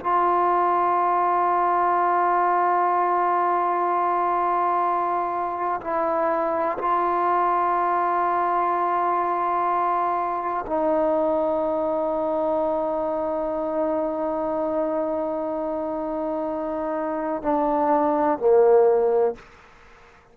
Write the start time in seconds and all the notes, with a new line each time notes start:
0.00 F4
5.81 E4
6.78 F4
10.66 D#4
17.42 D4
18.39 A#3